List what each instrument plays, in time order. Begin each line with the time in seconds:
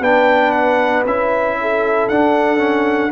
0.00 tuba B3, trombone D4, horn B4, trumpet G5
0.51 trumpet F#5
1.05 tuba C#4, trombone E4, trumpet E5
1.61 horn A4
2.08 tuba D4, trombone D4, trumpet F#5
2.57 trombone C#4